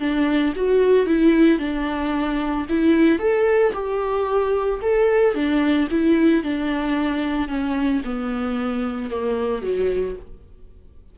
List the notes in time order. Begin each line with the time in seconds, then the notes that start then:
0.00 D4
0.56 F#4
1.06 E4
1.59 D4
2.69 E4
3.19 A4
3.73 G4
4.82 A4
5.35 D4
5.91 E4
6.44 D4
7.49 C#4
8.05 B3
9.10 A#3
9.63 F#3